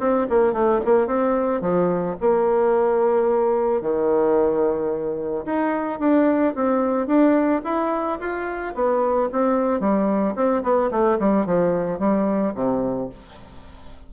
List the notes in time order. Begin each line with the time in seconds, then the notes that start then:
0.00 C4
0.30 A#3
0.53 A3
0.85 A#3
1.07 C4
1.61 F3
2.21 A#3
3.82 D#3
5.46 D#4
6.00 D4
6.55 C4
7.07 D4
7.65 E4
8.20 F4
8.75 B3
9.32 C4
9.80 G3
10.35 C4
10.63 B3
10.91 A3
11.20 G3
11.46 F3
11.99 G3
12.55 C3